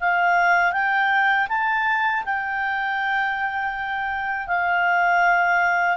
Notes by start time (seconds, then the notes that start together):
0.00 F5
0.72 G5
1.48 A5
2.25 G5
4.47 F5